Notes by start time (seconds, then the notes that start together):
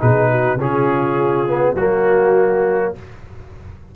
0.00 B2 D#4 G#4 B4
0.31 F#4
0.57 C#3 C#4 F4 G#4
1.48 B3
1.75 F#3 A#3 F#4